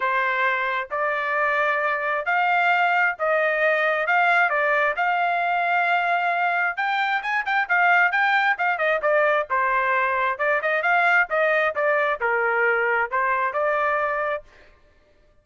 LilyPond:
\new Staff \with { instrumentName = "trumpet" } { \time 4/4 \tempo 4 = 133 c''2 d''2~ | d''4 f''2 dis''4~ | dis''4 f''4 d''4 f''4~ | f''2. g''4 |
gis''8 g''8 f''4 g''4 f''8 dis''8 | d''4 c''2 d''8 dis''8 | f''4 dis''4 d''4 ais'4~ | ais'4 c''4 d''2 | }